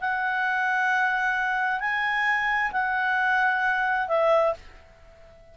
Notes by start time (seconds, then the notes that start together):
0.00 F#5
1.80 G#5
2.71 F#5
4.08 E5